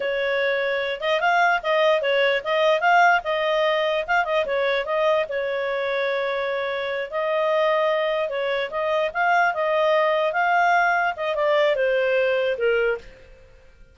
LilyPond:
\new Staff \with { instrumentName = "clarinet" } { \time 4/4 \tempo 4 = 148 cis''2~ cis''8 dis''8 f''4 | dis''4 cis''4 dis''4 f''4 | dis''2 f''8 dis''8 cis''4 | dis''4 cis''2.~ |
cis''4. dis''2~ dis''8~ | dis''8 cis''4 dis''4 f''4 dis''8~ | dis''4. f''2 dis''8 | d''4 c''2 ais'4 | }